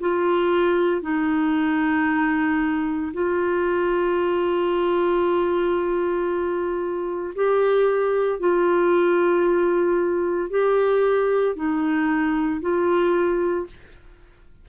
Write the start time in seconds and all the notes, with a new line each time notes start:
0.00 F4
1.02 D#4
3.13 F4
7.35 G4
8.40 F4
10.50 G4
11.56 D#4
12.62 F4